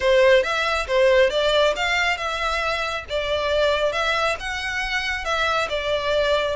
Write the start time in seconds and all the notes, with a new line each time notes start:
0.00 C5
0.43 E5
0.87 C5
1.30 D5
1.76 F5
2.17 E5
3.09 D5
3.92 E5
4.39 F#5
5.24 E5
5.69 D5